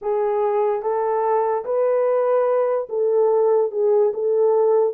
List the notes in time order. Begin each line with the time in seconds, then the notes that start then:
0.01 G#4
0.82 A4
1.64 B4
2.89 A4
3.71 G#4
4.13 A4